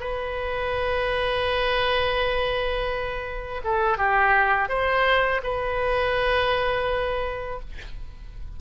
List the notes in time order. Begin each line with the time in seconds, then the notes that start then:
0.00 B4
3.63 A4
3.98 G4
4.69 C5
5.43 B4